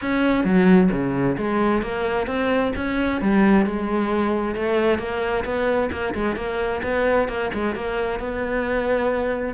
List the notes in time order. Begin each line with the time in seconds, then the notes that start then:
0.01 C#4
0.44 F#3
0.91 C#3
1.37 G#3
1.82 A#3
2.26 C4
2.76 C#4
3.21 G3
3.65 G#3
4.55 A3
4.99 A#3
5.44 B3
5.91 A#3
6.14 G#3
6.36 A#3
6.82 B3
7.28 A#3
7.53 G#3
7.75 A#3
8.19 B3